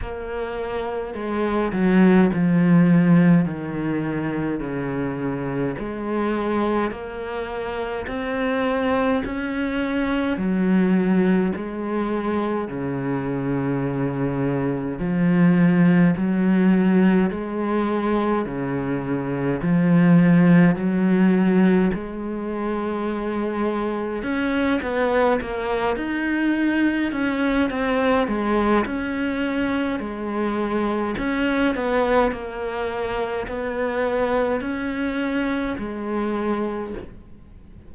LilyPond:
\new Staff \with { instrumentName = "cello" } { \time 4/4 \tempo 4 = 52 ais4 gis8 fis8 f4 dis4 | cis4 gis4 ais4 c'4 | cis'4 fis4 gis4 cis4~ | cis4 f4 fis4 gis4 |
cis4 f4 fis4 gis4~ | gis4 cis'8 b8 ais8 dis'4 cis'8 | c'8 gis8 cis'4 gis4 cis'8 b8 | ais4 b4 cis'4 gis4 | }